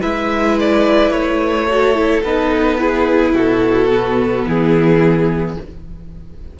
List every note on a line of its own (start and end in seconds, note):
0.00 1.11 G#3
0.00 1.68 E4
0.00 1.67 B4
0.00 0.57 E5
0.60 1.11 D5
1.11 2.22 A3
1.11 2.22 C#5
1.69 1.94 F#4
1.69 2.80 A4
1.94 2.22 E4
2.23 3.34 B3
2.23 2.78 D#4
2.23 3.35 B4
2.78 3.89 E4
2.78 3.34 G#4
3.34 4.45 B2
3.34 4.46 F#4
3.34 4.48 A4
3.90 5.56 B3
4.46 5.57 E3
4.46 5.58 E4
4.46 5.59 G#4